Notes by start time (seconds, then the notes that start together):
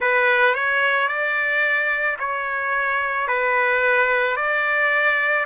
0.00 B4
0.54 C#5
1.08 D5
2.19 C#5
3.27 B4
4.36 D5